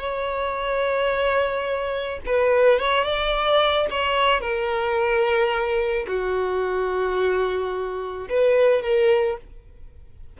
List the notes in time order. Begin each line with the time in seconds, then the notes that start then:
0.00 C#5
2.26 B4
2.80 C#5
3.05 D5
3.91 C#5
4.41 A#4
6.08 F#4
8.30 B4
8.83 A#4